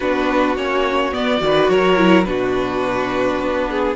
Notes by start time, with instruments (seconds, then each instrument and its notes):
0.00 cello B3, viola D4, violin F#4 B4
0.56 cello A#3, viola C#4, violin C#5
1.12 viola B3, cello B3, violin D5
1.39 cello D#3, viola F#4, violin B4
1.69 cello F#3, violin A#4 C#5
1.96 viola E4
2.23 cello B2, viola D4, violin F#4 B4
3.40 cello B3
3.69 violin G#4